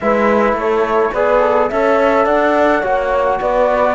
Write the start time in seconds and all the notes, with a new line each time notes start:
0.00 G#3 E4 B4 E5
0.53 A3 A4 C#5
1.13 B3 G#4 B4 D5
1.39 A4
1.68 C#4 A4 C#5 E5
2.25 D4 D5 F#5
2.80 A#3 F#4 C#5
3.40 B3 B4 D5